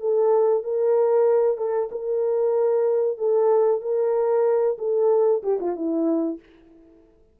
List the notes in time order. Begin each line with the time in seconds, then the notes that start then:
0.00 A4
0.63 A#4
1.57 A4
1.91 A#4
3.17 A4
3.81 A#4
4.78 A4
5.43 G4
5.60 F4
5.76 E4